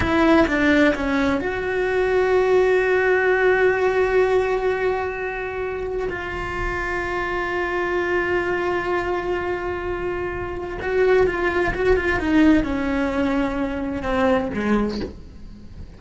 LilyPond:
\new Staff \with { instrumentName = "cello" } { \time 4/4 \tempo 4 = 128 e'4 d'4 cis'4 fis'4~ | fis'1~ | fis'1~ | fis'4 f'2.~ |
f'1~ | f'2. fis'4 | f'4 fis'8 f'8 dis'4 cis'4~ | cis'2 c'4 gis4 | }